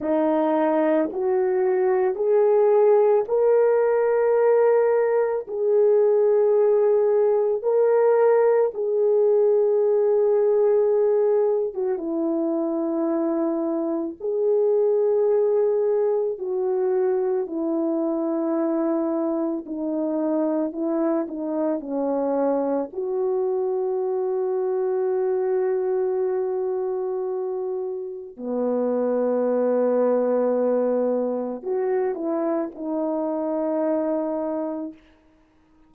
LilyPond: \new Staff \with { instrumentName = "horn" } { \time 4/4 \tempo 4 = 55 dis'4 fis'4 gis'4 ais'4~ | ais'4 gis'2 ais'4 | gis'2~ gis'8. fis'16 e'4~ | e'4 gis'2 fis'4 |
e'2 dis'4 e'8 dis'8 | cis'4 fis'2.~ | fis'2 b2~ | b4 fis'8 e'8 dis'2 | }